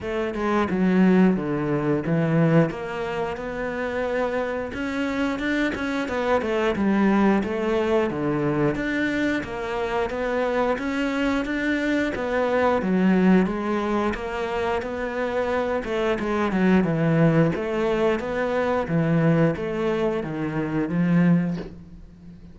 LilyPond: \new Staff \with { instrumentName = "cello" } { \time 4/4 \tempo 4 = 89 a8 gis8 fis4 d4 e4 | ais4 b2 cis'4 | d'8 cis'8 b8 a8 g4 a4 | d4 d'4 ais4 b4 |
cis'4 d'4 b4 fis4 | gis4 ais4 b4. a8 | gis8 fis8 e4 a4 b4 | e4 a4 dis4 f4 | }